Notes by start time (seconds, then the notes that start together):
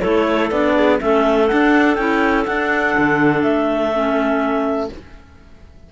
0.00 A3 E4 A4 C#5
0.50 B3 D4 D5
0.74 G#4
0.99 A3 C#4 A4 E5
1.47 D4 F#5
1.94 C#4 E4 G5
2.45 D4 F#5
2.98 D3
3.42 A3 E5
3.92 C#4